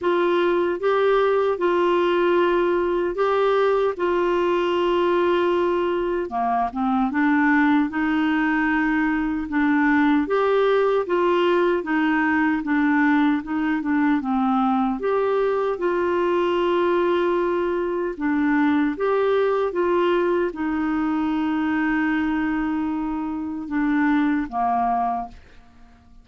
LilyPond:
\new Staff \with { instrumentName = "clarinet" } { \time 4/4 \tempo 4 = 76 f'4 g'4 f'2 | g'4 f'2. | ais8 c'8 d'4 dis'2 | d'4 g'4 f'4 dis'4 |
d'4 dis'8 d'8 c'4 g'4 | f'2. d'4 | g'4 f'4 dis'2~ | dis'2 d'4 ais4 | }